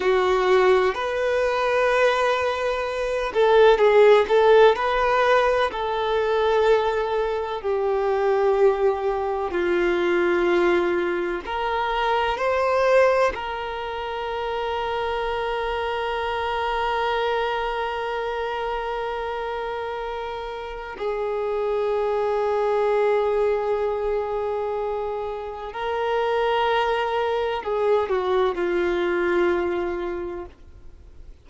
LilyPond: \new Staff \with { instrumentName = "violin" } { \time 4/4 \tempo 4 = 63 fis'4 b'2~ b'8 a'8 | gis'8 a'8 b'4 a'2 | g'2 f'2 | ais'4 c''4 ais'2~ |
ais'1~ | ais'2 gis'2~ | gis'2. ais'4~ | ais'4 gis'8 fis'8 f'2 | }